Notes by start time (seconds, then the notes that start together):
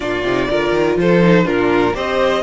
0.00 A#2 D4 F4 D5
0.22 C3 D#4
0.49 D3 F4 A#4
0.72 D#3
0.96 F3 A4 C5
1.22 D#4
1.44 A#2 D4 F4 A#4
1.94 C4 G4 C5 D#5